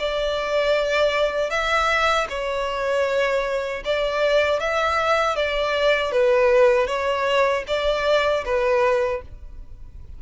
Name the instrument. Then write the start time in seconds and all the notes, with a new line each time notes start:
violin
0.00 D5
1.51 E5
2.30 C#5
3.85 D5
4.60 E5
5.36 D5
6.12 B4
6.87 C#5
7.68 D5
8.45 B4